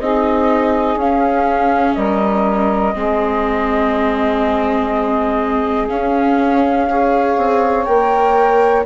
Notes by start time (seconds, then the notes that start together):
0.00 C4 D#4 G#4 D#5
0.96 C#4 F5
1.94 G3 A#4 D#5
2.94 G#3 C4 G#4
5.89 C#4 F5
6.89 G#4 C#5
7.37 C4
7.85 A#3 A#4 G5